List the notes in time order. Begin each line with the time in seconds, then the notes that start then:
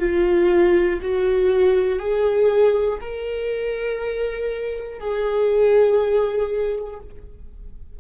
0.00 F4
1.02 F#4
2.00 G#4
3.01 A#4
5.00 G#4